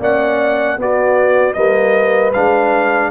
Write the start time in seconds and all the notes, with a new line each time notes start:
0.00 A#3 C#4 D5 F#5
0.78 B3 F#4 D5
1.54 G3 A#3 B4 D#5
2.33 G#3 D4 F5